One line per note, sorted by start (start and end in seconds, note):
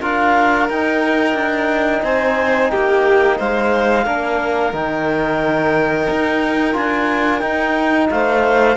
0.00 0.69 D4
0.00 0.69 F4
0.00 2.02 A#4
0.00 0.69 F5
0.69 4.05 D#4
0.69 1.34 D#4
0.69 2.04 G5
1.34 2.01 D4
2.03 2.70 C4
2.03 2.71 C5
2.03 2.70 G#5
2.70 3.40 A#3
2.70 3.38 G4
2.70 3.37 G5
3.38 4.06 G#3
3.38 4.04 C5
3.38 4.74 F5
4.04 4.73 A#3
4.04 4.73 D4
4.04 8.09 A#4
4.73 6.08 D#3
4.73 6.73 D#4
4.73 6.76 G5
6.10 6.75 D#4
6.73 7.42 D4
6.73 7.40 F4
6.73 7.39 G#5
7.39 8.75 D#4
7.39 8.09 D#4
7.39 8.07 G5
8.10 8.76 A3
8.10 8.76 C5
8.10 8.76 F5